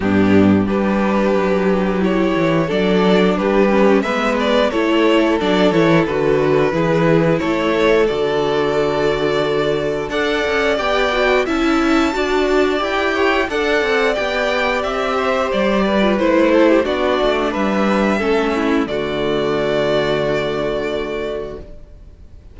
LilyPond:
<<
  \new Staff \with { instrumentName = "violin" } { \time 4/4 \tempo 4 = 89 g'4 b'2 cis''4 | d''4 b'4 e''8 d''8 cis''4 | d''8 cis''8 b'2 cis''4 | d''2. fis''4 |
g''4 a''2 g''4 | fis''4 g''4 e''4 d''4 | c''4 d''4 e''2 | d''1 | }
  \new Staff \with { instrumentName = "violin" } { \time 4/4 d'4 g'2. | a'4 g'4 b'4 a'4~ | a'2 gis'4 a'4~ | a'2. d''4~ |
d''4 e''4 d''4. cis''8 | d''2~ d''8 c''4 b'8~ | b'8 a'16 g'16 fis'4 b'4 a'8 e'8 | fis'1 | }
  \new Staff \with { instrumentName = "viola" } { \time 4/4 b4 d'2 e'4 | d'4. cis'8 b4 e'4 | d'8 e'8 fis'4 e'2 | fis'2. a'4 |
g'8 fis'8 e'4 fis'4 g'4 | a'4 g'2~ g'8. f'16 | e'4 d'2 cis'4 | a1 | }
  \new Staff \with { instrumentName = "cello" } { \time 4/4 g,4 g4 fis4. e8 | fis4 g4 gis4 a4 | fis8 e8 d4 e4 a4 | d2. d'8 cis'8 |
b4 cis'4 d'4 e'4 | d'8 c'8 b4 c'4 g4 | a4 b8 a8 g4 a4 | d1 | }
>>